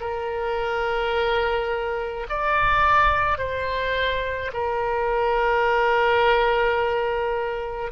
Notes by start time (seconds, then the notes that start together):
0.00 A#4
2.30 D5
3.38 C5
4.53 A#4